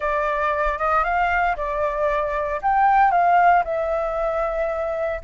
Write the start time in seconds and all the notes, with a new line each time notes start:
0.00 D5
0.78 D#5
1.04 F5
1.56 D5
2.62 G5
3.11 F5
3.64 E5